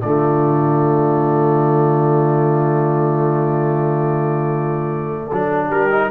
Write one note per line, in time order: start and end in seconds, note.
0.00 5.29 D3
0.00 5.31 A3
0.00 5.26 F4
0.00 5.68 D5
5.26 5.66 A4
5.32 5.71 F#3
5.32 5.91 D4
5.68 6.10 G3
5.68 6.08 G4
5.68 6.10 A#4
5.91 6.10 D#4